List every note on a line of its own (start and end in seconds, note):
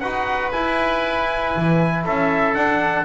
0.00 0.53 D#4
0.00 0.53 F#4
0.00 2.04 B4
0.00 0.51 F#5
0.52 2.55 E4
0.52 1.56 E4
0.52 2.04 G#5
1.56 2.06 E3
2.04 2.54 C#4
2.04 3.05 A4
2.04 2.54 E5
2.54 3.05 D4
2.54 3.05 F#5